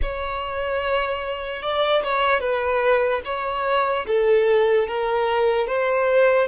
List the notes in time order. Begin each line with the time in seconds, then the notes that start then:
0.01 C#5
1.62 D5
2.03 C#5
2.40 B4
3.24 C#5
4.07 A4
4.87 A#4
5.67 C5